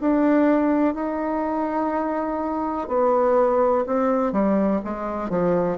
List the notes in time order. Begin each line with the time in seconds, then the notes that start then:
0.00 D4
0.94 D#4
2.88 B3
3.86 C4
4.32 G3
4.84 G#3
5.29 F3